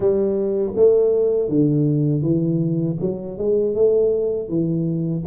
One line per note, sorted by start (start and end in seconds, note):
0.00 0.73 G3
0.75 1.48 A3
1.48 2.21 D3
2.21 2.96 E3
3.00 3.38 F#3
3.38 3.75 G#3
3.75 4.48 A3
4.48 5.23 E3